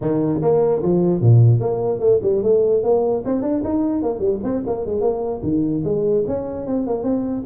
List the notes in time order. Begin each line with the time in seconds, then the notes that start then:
0.01 D#3
0.41 A#3
0.82 F3
1.21 A#2
1.60 A#3
1.99 A3
2.22 G3
2.42 A3
2.83 A#3
3.25 C4
3.42 D4
3.64 D#4
4.02 A#3
4.19 G3
4.43 C4
4.66 A#3
4.85 G#3
5.00 A#3
5.43 D#3
5.84 G#3
6.27 C#4
6.66 C4
6.87 A#3
7.03 C4